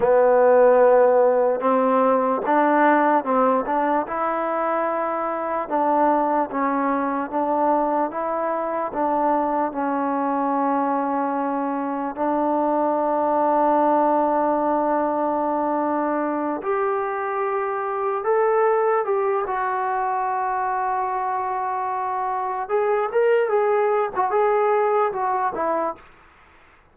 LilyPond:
\new Staff \with { instrumentName = "trombone" } { \time 4/4 \tempo 4 = 74 b2 c'4 d'4 | c'8 d'8 e'2 d'4 | cis'4 d'4 e'4 d'4 | cis'2. d'4~ |
d'1~ | d'8 g'2 a'4 g'8 | fis'1 | gis'8 ais'8 gis'8. fis'16 gis'4 fis'8 e'8 | }